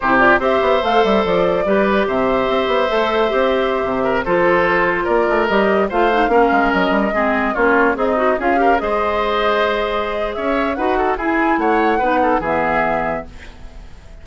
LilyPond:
<<
  \new Staff \with { instrumentName = "flute" } { \time 4/4 \tempo 4 = 145 c''8 d''8 e''4 f''8 e''8 d''4~ | d''4 e''2.~ | e''2~ e''16 c''4.~ c''16~ | c''16 d''4 dis''4 f''4.~ f''16~ |
f''16 dis''2 cis''4 dis''8.~ | dis''16 f''4 dis''2~ dis''8.~ | dis''4 e''4 fis''4 gis''4 | fis''2 e''2 | }
  \new Staff \with { instrumentName = "oboe" } { \time 4/4 g'4 c''2. | b'4 c''2.~ | c''4.~ c''16 ais'8 a'4.~ a'16~ | a'16 ais'2 c''4 ais'8.~ |
ais'4~ ais'16 gis'4 f'4 dis'8.~ | dis'16 gis'8 ais'8 c''2~ c''8.~ | c''4 cis''4 b'8 a'8 gis'4 | cis''4 b'8 a'8 gis'2 | }
  \new Staff \with { instrumentName = "clarinet" } { \time 4/4 e'8 f'8 g'4 a'2 | g'2. a'4 | g'2~ g'16 f'4.~ f'16~ | f'4~ f'16 g'4 f'8 dis'8 cis'8.~ |
cis'4~ cis'16 c'4 cis'4 gis'8 fis'16~ | fis'16 f'8 g'8 gis'2~ gis'8.~ | gis'2 fis'4 e'4~ | e'4 dis'4 b2 | }
  \new Staff \with { instrumentName = "bassoon" } { \time 4/4 c4 c'8 b8 a8 g8 f4 | g4 c4 c'8 b8 a4 | c'4~ c'16 c4 f4.~ f16~ | f16 ais8 a8 g4 a4 ais8 gis16~ |
gis16 fis8 g8 gis4 ais4 c'8.~ | c'16 cis'4 gis2~ gis8.~ | gis4 cis'4 dis'4 e'4 | a4 b4 e2 | }
>>